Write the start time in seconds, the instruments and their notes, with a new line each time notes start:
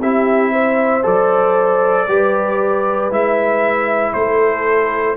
0.00 tuba C4, trombone E4, horn G4, trumpet E5
0.52 horn C5
1.03 tuba F#3, trombone A4, trumpet D5
2.08 tuba G3, trombone G4, horn B4
3.10 tuba G#3, trombone E4, trumpet E5
4.14 tuba A3, horn A4, trumpet C5